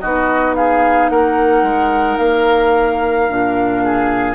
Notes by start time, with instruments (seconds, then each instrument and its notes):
0.00 bassoon B3, clarinet D#4, oboe F#4, flute D#5
0.55 oboe G#4, flute F5
1.10 bassoon A#3, oboe A#4, flute F#5
1.63 bassoon G#3
2.17 bassoon A#3, flute F5
3.29 bassoon A#2, clarinet D4
3.84 oboe G#4